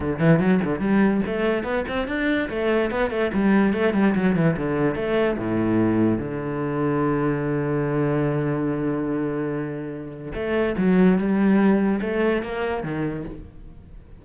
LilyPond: \new Staff \with { instrumentName = "cello" } { \time 4/4 \tempo 4 = 145 d8 e8 fis8 d8 g4 a4 | b8 c'8 d'4 a4 b8 a8 | g4 a8 g8 fis8 e8 d4 | a4 a,2 d4~ |
d1~ | d1~ | d4 a4 fis4 g4~ | g4 a4 ais4 dis4 | }